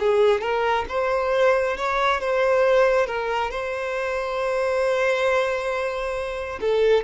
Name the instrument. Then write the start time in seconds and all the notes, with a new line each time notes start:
violin
0.00 G#4
0.41 A#4
0.89 C5
1.78 C#5
2.21 C5
3.07 A#4
3.51 C5
6.61 A4